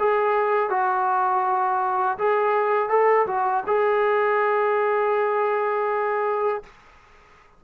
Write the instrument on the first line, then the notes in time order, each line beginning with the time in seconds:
trombone
0.00 G#4
0.70 F#4
2.19 G#4
2.90 A4
3.27 F#4
3.67 G#4